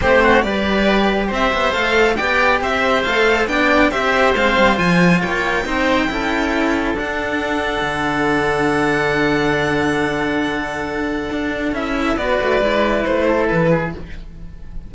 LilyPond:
<<
  \new Staff \with { instrumentName = "violin" } { \time 4/4 \tempo 4 = 138 c''4 d''2 e''4 | f''4 g''4 e''4 f''4 | g''4 e''4 f''4 gis''4 | g''1 |
fis''1~ | fis''1~ | fis''2. e''4 | d''2 c''4 b'4 | }
  \new Staff \with { instrumentName = "oboe" } { \time 4/4 g'8 fis'8 b'2 c''4~ | c''4 d''4 c''2 | d''4 c''2. | cis''4 c''4 a'2~ |
a'1~ | a'1~ | a'1 | b'2~ b'8 a'4 gis'8 | }
  \new Staff \with { instrumentName = "cello" } { \time 4/4 c'4 g'2. | a'4 g'2 a'4 | d'4 g'4 c'4 f'4~ | f'4 dis'4 e'2 |
d'1~ | d'1~ | d'2. e'4 | fis'4 e'2. | }
  \new Staff \with { instrumentName = "cello" } { \time 4/4 a4 g2 c'8 b8 | a4 b4 c'4 a4 | b4 c'4 gis8 g8 f4 | ais4 c'4 cis'2 |
d'2 d2~ | d1~ | d2 d'4 cis'4 | b8 a8 gis4 a4 e4 | }
>>